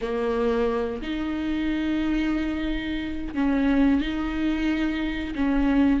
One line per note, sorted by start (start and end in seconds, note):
0.01 1.01 A#3
1.02 3.34 D#4
3.34 4.01 C#4
4.01 5.34 D#4
5.35 6.00 C#4